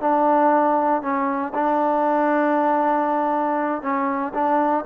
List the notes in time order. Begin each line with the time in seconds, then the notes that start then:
0.00 D4
1.01 C#4
1.54 D4
3.82 C#4
4.34 D4